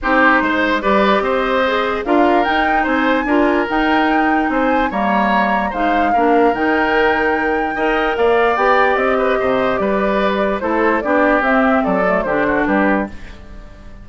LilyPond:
<<
  \new Staff \with { instrumentName = "flute" } { \time 4/4 \tempo 4 = 147 c''2 d''4 dis''4~ | dis''4 f''4 g''4 gis''4~ | gis''4 g''2 gis''4 | ais''2 f''2 |
g''1 | f''4 g''4 dis''2 | d''2 c''4 d''4 | e''4 d''4 c''4 b'4 | }
  \new Staff \with { instrumentName = "oboe" } { \time 4/4 g'4 c''4 b'4 c''4~ | c''4 ais'2 c''4 | ais'2. c''4 | cis''2 c''4 ais'4~ |
ais'2. dis''4 | d''2~ d''8 b'8 c''4 | b'2 a'4 g'4~ | g'4 a'4 g'8 fis'8 g'4 | }
  \new Staff \with { instrumentName = "clarinet" } { \time 4/4 dis'2 g'2 | gis'4 f'4 dis'2 | f'4 dis'2. | ais2 dis'4 d'4 |
dis'2. ais'4~ | ais'4 g'2.~ | g'2 e'4 d'4 | c'4. a8 d'2 | }
  \new Staff \with { instrumentName = "bassoon" } { \time 4/4 c'4 gis4 g4 c'4~ | c'4 d'4 dis'4 c'4 | d'4 dis'2 c'4 | g2 gis4 ais4 |
dis2. dis'4 | ais4 b4 c'4 c4 | g2 a4 b4 | c'4 fis4 d4 g4 | }
>>